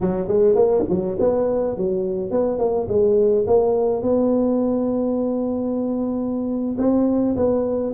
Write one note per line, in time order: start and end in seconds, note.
0.00 0.27 F#3
0.27 0.55 G#3
0.55 0.84 A#3
0.89 1.17 F#3
1.19 1.77 B3
1.77 2.31 F#3
2.31 2.58 B3
2.58 2.87 A#3
2.88 3.46 G#3
3.46 4.02 A#3
4.02 6.76 B3
6.78 7.35 C4
7.36 7.93 B3